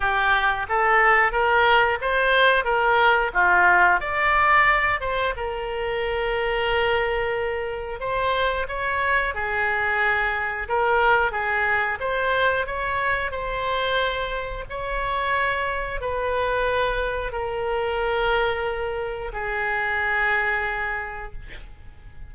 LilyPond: \new Staff \with { instrumentName = "oboe" } { \time 4/4 \tempo 4 = 90 g'4 a'4 ais'4 c''4 | ais'4 f'4 d''4. c''8 | ais'1 | c''4 cis''4 gis'2 |
ais'4 gis'4 c''4 cis''4 | c''2 cis''2 | b'2 ais'2~ | ais'4 gis'2. | }